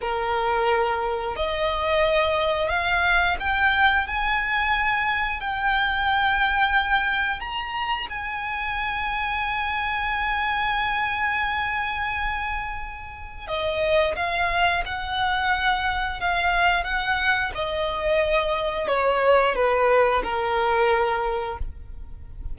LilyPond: \new Staff \with { instrumentName = "violin" } { \time 4/4 \tempo 4 = 89 ais'2 dis''2 | f''4 g''4 gis''2 | g''2. ais''4 | gis''1~ |
gis''1 | dis''4 f''4 fis''2 | f''4 fis''4 dis''2 | cis''4 b'4 ais'2 | }